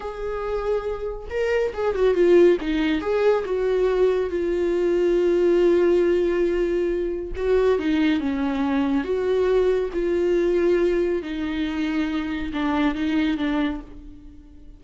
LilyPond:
\new Staff \with { instrumentName = "viola" } { \time 4/4 \tempo 4 = 139 gis'2. ais'4 | gis'8 fis'8 f'4 dis'4 gis'4 | fis'2 f'2~ | f'1~ |
f'4 fis'4 dis'4 cis'4~ | cis'4 fis'2 f'4~ | f'2 dis'2~ | dis'4 d'4 dis'4 d'4 | }